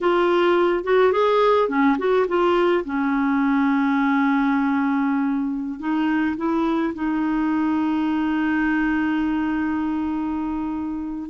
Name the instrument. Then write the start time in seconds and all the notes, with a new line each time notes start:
clarinet
0.01 F4
0.84 F#4
1.12 G#4
1.68 C#4
1.98 F#4
2.28 F4
2.85 C#4
5.79 D#4
6.37 E4
6.94 D#4